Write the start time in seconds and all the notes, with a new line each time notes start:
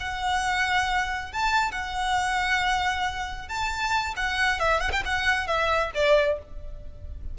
0.00 F#5
1.32 A5
1.72 F#5
3.48 A5
4.17 F#5
4.60 E5
4.80 F#5
4.92 G5
5.05 F#5
5.47 E5
5.94 D5